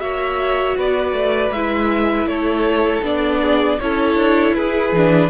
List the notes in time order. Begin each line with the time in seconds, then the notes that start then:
0.00 A#3 F#4 C#5 E5
0.77 B3 B4 D5
1.13 A3
1.51 G#3 E4 E5
2.26 A3 A4 C#5
3.02 B3 D4 D5
3.41 G#4
3.80 C#4 E4 A4 C#5
4.16 D4
4.55 E4 G#4 B4
4.92 E3 D4